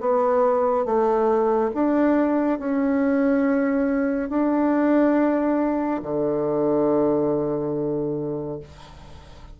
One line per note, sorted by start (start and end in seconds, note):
0.00 0.85 B3
0.85 1.71 A3
1.74 2.59 D4
2.59 4.29 C#4
4.29 6.01 D4
6.02 8.59 D3